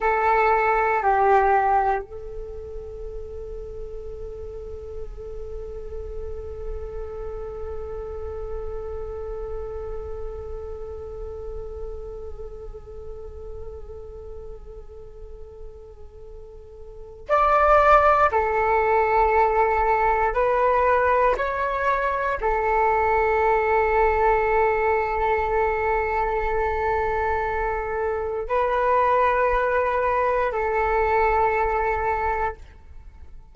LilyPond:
\new Staff \with { instrumentName = "flute" } { \time 4/4 \tempo 4 = 59 a'4 g'4 a'2~ | a'1~ | a'1~ | a'1~ |
a'4 d''4 a'2 | b'4 cis''4 a'2~ | a'1 | b'2 a'2 | }